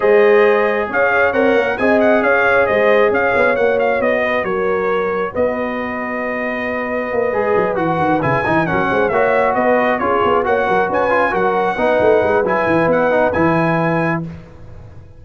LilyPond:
<<
  \new Staff \with { instrumentName = "trumpet" } { \time 4/4 \tempo 4 = 135 dis''2 f''4 fis''4 | gis''8 fis''8 f''4 dis''4 f''4 | fis''8 f''8 dis''4 cis''2 | dis''1~ |
dis''4. fis''4 gis''4 fis''8~ | fis''8 e''4 dis''4 cis''4 fis''8~ | fis''8 gis''4 fis''2~ fis''8 | gis''4 fis''4 gis''2 | }
  \new Staff \with { instrumentName = "horn" } { \time 4/4 c''2 cis''2 | dis''4 cis''4 c''4 cis''4~ | cis''4. b'8 ais'2 | b'1~ |
b'2.~ b'8 ais'8 | c''8 cis''4 b'4 gis'4 cis''8 | ais'8 b'4 ais'4 b'4.~ | b'1 | }
  \new Staff \with { instrumentName = "trombone" } { \time 4/4 gis'2. ais'4 | gis'1 | fis'1~ | fis'1~ |
fis'8 gis'4 fis'4 e'8 dis'8 cis'8~ | cis'8 fis'2 f'4 fis'8~ | fis'4 f'8 fis'4 dis'4. | e'4. dis'8 e'2 | }
  \new Staff \with { instrumentName = "tuba" } { \time 4/4 gis2 cis'4 c'8 ais8 | c'4 cis'4 gis4 cis'8 b8 | ais4 b4 fis2 | b1 |
ais8 gis8 fis8 e8 dis8 cis8 e8 fis8 | gis8 ais4 b4 cis'8 b8 ais8 | fis8 cis'4 fis4 b8 a8 gis8 | fis8 e8 b4 e2 | }
>>